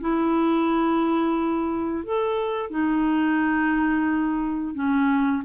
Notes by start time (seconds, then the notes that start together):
0.00 E4
2.04 A4
2.70 D#4
4.74 C#4